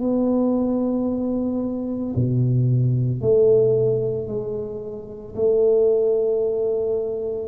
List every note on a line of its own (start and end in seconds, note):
0.00 2.14 B3
2.15 3.21 B2
3.21 4.28 A3
4.28 5.35 G#3
5.35 7.48 A3